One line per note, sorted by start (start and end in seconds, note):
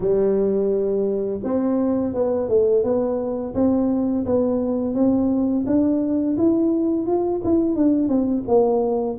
0.00 1.40 G3
1.43 2.14 C4
2.14 2.49 B3
2.49 2.83 A3
2.83 3.54 B3
3.54 4.25 C4
4.25 4.94 B3
4.94 5.64 C4
5.66 6.37 D4
6.37 7.06 E4
7.06 7.41 F4
7.44 7.75 E4
7.75 8.08 D4
8.08 8.43 C4
8.47 9.18 A#3